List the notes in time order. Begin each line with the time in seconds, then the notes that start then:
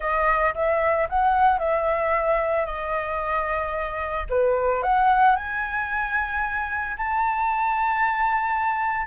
0.00 D#5
0.54 E5
1.09 F#5
1.59 E5
2.65 D#5
4.29 B4
4.82 F#5
5.35 G#5
6.97 A5